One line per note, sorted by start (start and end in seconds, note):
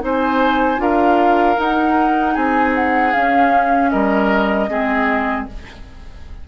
0.00 0.79 C4
0.00 0.77 D#4
0.00 0.82 C5
0.00 0.82 G#5
0.77 1.56 D4
0.77 1.55 F4
0.77 2.34 A#4
0.77 1.60 F5
1.57 3.13 D#4
1.57 2.36 D#4
1.57 2.35 F#5
2.34 3.14 C4
2.34 3.90 G#4
2.34 2.74 G#5
2.75 3.13 F#5
3.13 4.69 C#4
3.13 3.93 C#4
3.13 3.90 F5
3.90 4.69 G3
3.90 4.70 A#4
3.90 5.46 D#5
4.69 5.47 G#3
4.69 5.47 C4
4.69 5.48 G#4